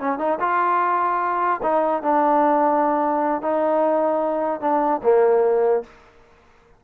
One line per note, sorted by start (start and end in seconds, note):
0.00 0.18 C#4
0.18 0.39 D#4
0.40 1.61 F4
1.63 2.03 D#4
2.03 3.42 D4
3.42 4.61 D#4
4.61 5.01 D4
5.03 5.84 A#3